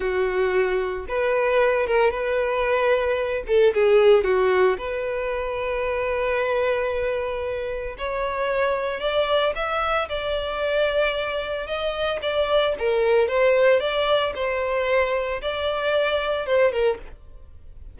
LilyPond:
\new Staff \with { instrumentName = "violin" } { \time 4/4 \tempo 4 = 113 fis'2 b'4. ais'8 | b'2~ b'8 a'8 gis'4 | fis'4 b'2.~ | b'2. cis''4~ |
cis''4 d''4 e''4 d''4~ | d''2 dis''4 d''4 | ais'4 c''4 d''4 c''4~ | c''4 d''2 c''8 ais'8 | }